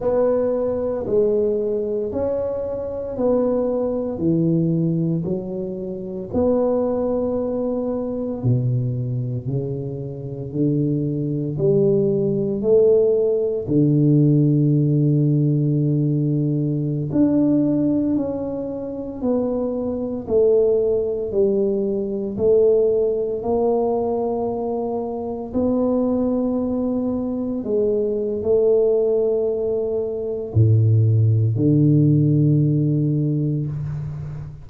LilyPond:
\new Staff \with { instrumentName = "tuba" } { \time 4/4 \tempo 4 = 57 b4 gis4 cis'4 b4 | e4 fis4 b2 | b,4 cis4 d4 g4 | a4 d2.~ |
d16 d'4 cis'4 b4 a8.~ | a16 g4 a4 ais4.~ ais16~ | ais16 b2 gis8. a4~ | a4 a,4 d2 | }